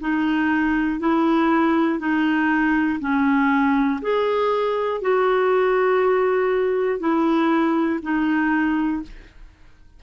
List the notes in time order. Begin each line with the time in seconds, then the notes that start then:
0.00 D#4
0.99 E4
1.99 D#4
3.00 C#4
4.01 G#4
5.01 F#4
6.99 E4
8.02 D#4